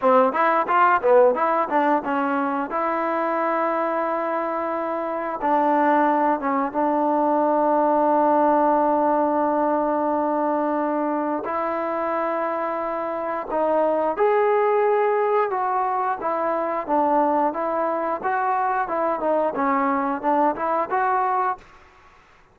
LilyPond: \new Staff \with { instrumentName = "trombone" } { \time 4/4 \tempo 4 = 89 c'8 e'8 f'8 b8 e'8 d'8 cis'4 | e'1 | d'4. cis'8 d'2~ | d'1~ |
d'4 e'2. | dis'4 gis'2 fis'4 | e'4 d'4 e'4 fis'4 | e'8 dis'8 cis'4 d'8 e'8 fis'4 | }